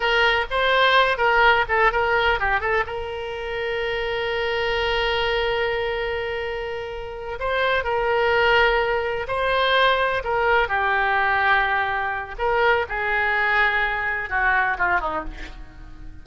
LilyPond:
\new Staff \with { instrumentName = "oboe" } { \time 4/4 \tempo 4 = 126 ais'4 c''4. ais'4 a'8 | ais'4 g'8 a'8 ais'2~ | ais'1~ | ais'2.~ ais'8 c''8~ |
c''8 ais'2. c''8~ | c''4. ais'4 g'4.~ | g'2 ais'4 gis'4~ | gis'2 fis'4 f'8 dis'8 | }